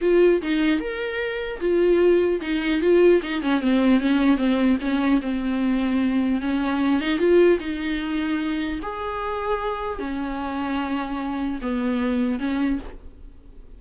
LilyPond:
\new Staff \with { instrumentName = "viola" } { \time 4/4 \tempo 4 = 150 f'4 dis'4 ais'2 | f'2 dis'4 f'4 | dis'8 cis'8 c'4 cis'4 c'4 | cis'4 c'2. |
cis'4. dis'8 f'4 dis'4~ | dis'2 gis'2~ | gis'4 cis'2.~ | cis'4 b2 cis'4 | }